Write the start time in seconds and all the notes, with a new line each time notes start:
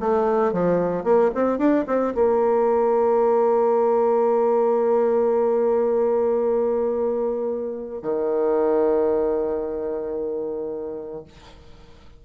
0.00 A3
0.53 F3
1.04 A#3
1.35 C4
1.58 D4
1.87 C4
2.15 A#3
8.02 D#3